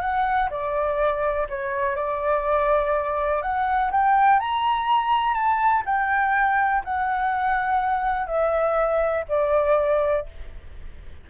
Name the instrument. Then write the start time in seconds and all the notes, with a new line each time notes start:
flute
0.00 F#5
0.50 D5
1.49 C#5
1.96 D5
3.42 F#5
3.91 G5
4.39 A#5
5.34 A5
5.85 G5
6.84 F#5
8.27 E5
9.28 D5